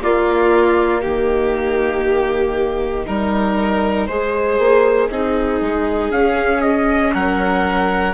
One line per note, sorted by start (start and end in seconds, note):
0.00 3.05 A#3
0.00 1.04 A#3
0.00 1.01 F4
0.00 1.02 D5
1.01 3.07 D#3
1.01 3.04 G4
1.01 6.11 D#5
3.06 4.08 G3
3.06 4.08 D#4
3.06 4.07 A#4
4.07 4.58 G#3
4.07 5.11 G#4
4.07 5.08 C5
4.58 5.09 A#3
5.10 5.60 C4
5.10 6.11 D#4
5.10 7.13 G#4
5.60 6.10 G#3
6.10 7.12 C#4
6.10 8.14 C#4
6.10 6.61 F5
6.61 7.12 D#5
7.13 8.14 F#3
7.13 8.14 A#4
7.13 8.14 F#5